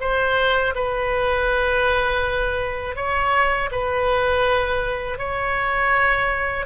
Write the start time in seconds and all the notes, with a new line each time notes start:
0.00 C5
0.75 B4
2.96 C#5
3.71 B4
5.18 C#5